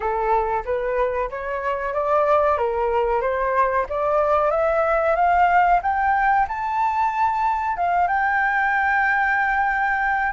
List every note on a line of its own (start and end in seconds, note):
0.00 0.63 A4
0.65 1.29 B4
1.30 1.93 C#5
1.93 2.57 D5
2.57 3.21 A#4
3.21 3.85 C5
3.89 4.50 D5
4.50 5.15 E5
5.15 5.80 F5
5.82 6.47 G5
6.48 7.76 A5
7.76 8.07 F5
8.07 10.32 G5